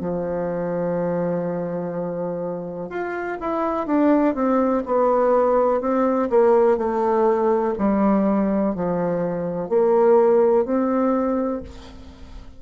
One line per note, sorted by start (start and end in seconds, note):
0.00 2.89 F3
2.89 3.38 F4
3.40 3.87 E4
3.87 4.35 D4
4.35 4.83 C4
4.86 5.81 B3
5.81 6.29 C4
6.30 6.77 A#3
6.77 7.74 A3
7.78 8.75 G3
8.75 9.69 F3
9.69 10.65 A#3
10.65 11.62 C4